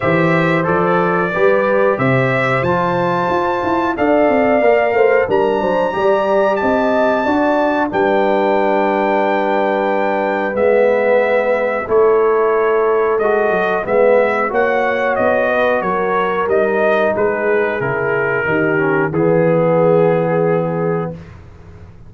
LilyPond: <<
  \new Staff \with { instrumentName = "trumpet" } { \time 4/4 \tempo 4 = 91 e''4 d''2 e''4 | a''2 f''2 | ais''2 a''2 | g''1 |
e''2 cis''2 | dis''4 e''4 fis''4 dis''4 | cis''4 dis''4 b'4 ais'4~ | ais'4 gis'2. | }
  \new Staff \with { instrumentName = "horn" } { \time 4/4 c''2 b'4 c''4~ | c''2 d''4. c''8 | ais'8 c''8 d''4 dis''4 d''4 | b'1~ |
b'2 a'2~ | a'4 b'4 cis''4. b'8 | ais'2 gis'2 | g'4 gis'2. | }
  \new Staff \with { instrumentName = "trombone" } { \time 4/4 g'4 a'4 g'2 | f'2 a'4 ais'4 | d'4 g'2 fis'4 | d'1 |
b2 e'2 | fis'4 b4 fis'2~ | fis'4 dis'2 e'4 | dis'8 cis'8 b2. | }
  \new Staff \with { instrumentName = "tuba" } { \time 4/4 e4 f4 g4 c4 | f4 f'8 e'8 d'8 c'8 ais8 a8 | g8 fis8 g4 c'4 d'4 | g1 |
gis2 a2 | gis8 fis8 gis4 ais4 b4 | fis4 g4 gis4 cis4 | dis4 e2. | }
>>